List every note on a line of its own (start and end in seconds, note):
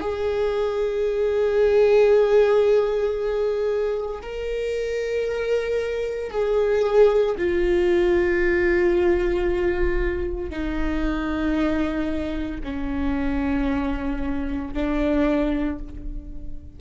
0.00 4.21 G#4
4.22 6.30 A#4
6.30 7.35 G#4
7.37 10.50 F4
10.50 12.60 D#4
12.63 14.73 C#4
14.73 15.78 D4